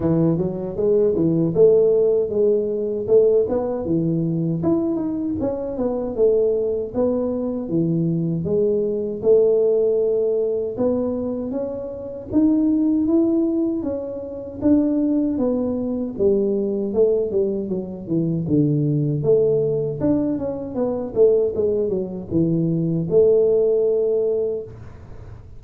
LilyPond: \new Staff \with { instrumentName = "tuba" } { \time 4/4 \tempo 4 = 78 e8 fis8 gis8 e8 a4 gis4 | a8 b8 e4 e'8 dis'8 cis'8 b8 | a4 b4 e4 gis4 | a2 b4 cis'4 |
dis'4 e'4 cis'4 d'4 | b4 g4 a8 g8 fis8 e8 | d4 a4 d'8 cis'8 b8 a8 | gis8 fis8 e4 a2 | }